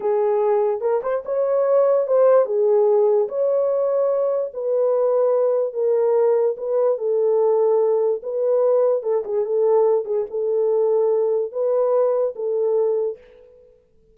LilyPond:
\new Staff \with { instrumentName = "horn" } { \time 4/4 \tempo 4 = 146 gis'2 ais'8 c''8 cis''4~ | cis''4 c''4 gis'2 | cis''2. b'4~ | b'2 ais'2 |
b'4 a'2. | b'2 a'8 gis'8 a'4~ | a'8 gis'8 a'2. | b'2 a'2 | }